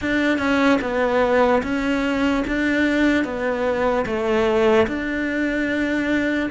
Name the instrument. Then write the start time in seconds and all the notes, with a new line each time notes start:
cello
0.01 D4
0.38 C#4
0.81 B3
1.62 C#4
2.47 D4
3.24 B3
4.05 A3
4.87 D4